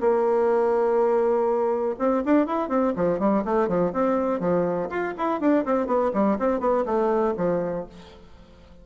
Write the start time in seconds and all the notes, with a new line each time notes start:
0.00 A#3
1.99 C4
2.25 D4
2.46 E4
2.69 C4
2.96 F3
3.19 G3
3.45 A3
3.68 F3
3.92 C4
4.40 F3
4.89 F4
5.18 E4
5.40 D4
5.65 C4
5.86 B3
6.13 G3
6.39 C4
6.60 B3
6.85 A3
7.37 F3